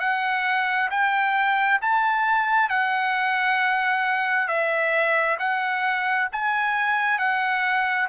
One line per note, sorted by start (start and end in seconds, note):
0.00 0.90 F#5
0.91 1.80 G5
1.82 2.70 A5
2.70 4.48 F#5
4.48 5.37 E5
5.39 6.29 F#5
6.32 7.19 G#5
7.19 8.08 F#5